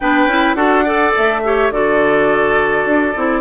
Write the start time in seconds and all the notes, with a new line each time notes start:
0.00 B3 D4 B4 G5
0.26 C#4 E4
0.54 D4 F#4 A4 F#5
0.84 A4 D5
1.16 A3 E5
1.43 G4 C#5
1.70 D3 F#4 A4 D5
2.85 D4
3.16 C4 E4